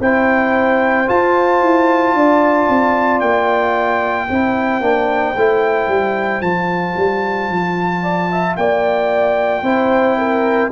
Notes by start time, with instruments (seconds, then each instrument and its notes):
0.00 tuba C4, trombone E4, horn C5, trumpet G5
1.07 trombone F4, tuba F4, trumpet A5
1.62 tuba E4
2.14 tuba D4, horn D5
2.69 tuba C4
3.20 tuba A#3, trumpet G5
4.28 tuba C4, trombone E4, horn C5
4.80 tuba A#3, trombone D4
5.36 tuba A3, trombone E4
5.88 tuba G3
6.41 tuba F3, trombone F4, trumpet A5
6.96 tuba G3
7.49 tuba F3
8.03 horn D5
8.32 horn E5
8.56 tuba A#3, horn D5, trumpet G5
9.62 tuba C4, trombone E4, horn C5
10.18 horn A#4